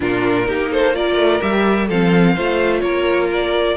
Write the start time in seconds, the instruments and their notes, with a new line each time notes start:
0.00 cello A#2, viola D4, violin F4 A#4
0.45 cello A#3, viola D#4, violin G4
0.71 violin A4 C5
0.93 viola F4, violin A#4 D5
1.16 cello A3
1.40 cello G3, viola G4, violin E5
1.87 cello F3, viola C4, violin A4 F5
2.33 cello A3, viola F4, violin C5
2.80 cello A#3, violin A#4 C#5
3.33 violin D5